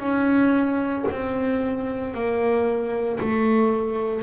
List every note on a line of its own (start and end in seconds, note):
0.00 1.05 C#4
1.11 2.14 C4
2.14 3.20 A#3
3.20 4.23 A3